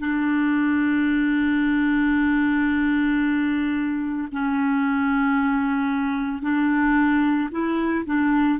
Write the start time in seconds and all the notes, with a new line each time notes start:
0.00 D4
4.32 C#4
6.42 D4
7.51 E4
8.06 D4